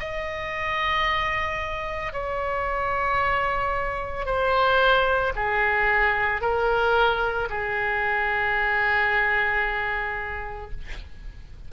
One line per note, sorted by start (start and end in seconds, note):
0.00 2.13 D#5
2.13 4.26 C#5
4.26 5.33 C5
5.36 6.41 G#4
6.41 7.49 A#4
7.50 10.71 G#4